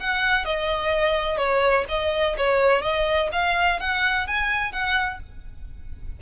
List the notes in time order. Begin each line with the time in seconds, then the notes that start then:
0.00 F#5
0.45 D#5
1.37 C#5
1.89 D#5
2.38 C#5
2.82 D#5
3.32 F5
3.80 F#5
4.27 G#5
4.73 F#5